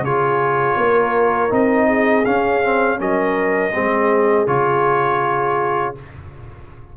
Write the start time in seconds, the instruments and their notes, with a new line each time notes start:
0.00 tuba C#3, trombone F4, horn G#4, trumpet C#5
0.77 tuba A#3, horn A#4
1.50 tuba C4, trombone D#4, trumpet D#5
1.87 horn G#4
2.25 tuba C#4, trombone C#4, trumpet F5
2.63 trombone C4
2.98 tuba F#3, trombone C#4, horn A#4, trumpet D#5
3.74 tuba G#3, trombone C4, horn G#4
4.47 tuba C#3, trombone F4, trumpet C#5